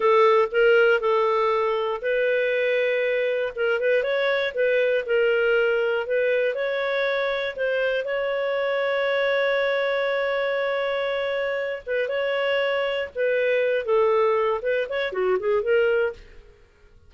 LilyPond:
\new Staff \with { instrumentName = "clarinet" } { \time 4/4 \tempo 4 = 119 a'4 ais'4 a'2 | b'2. ais'8 b'8 | cis''4 b'4 ais'2 | b'4 cis''2 c''4 |
cis''1~ | cis''2.~ cis''8 b'8 | cis''2 b'4. a'8~ | a'4 b'8 cis''8 fis'8 gis'8 ais'4 | }